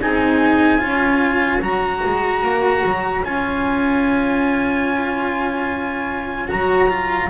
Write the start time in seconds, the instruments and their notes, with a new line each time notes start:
0.00 double bass C4, cello D#4, horn G#4, trumpet G#5
0.78 double bass C#4, cello F4, horn C#5
1.60 double bass F#3, cello F#4, trumpet A#5
2.05 double bass G#3
2.42 double bass A#3
2.85 double bass F#3
3.24 double bass C#4, cello F4, trumpet G#5
6.48 double bass F#3, cello F#4, trumpet A#5
6.89 cello F4